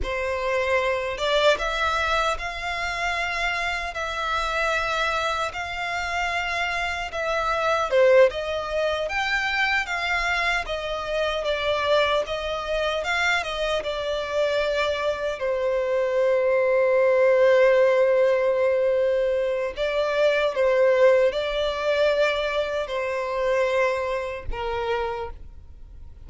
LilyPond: \new Staff \with { instrumentName = "violin" } { \time 4/4 \tempo 4 = 76 c''4. d''8 e''4 f''4~ | f''4 e''2 f''4~ | f''4 e''4 c''8 dis''4 g''8~ | g''8 f''4 dis''4 d''4 dis''8~ |
dis''8 f''8 dis''8 d''2 c''8~ | c''1~ | c''4 d''4 c''4 d''4~ | d''4 c''2 ais'4 | }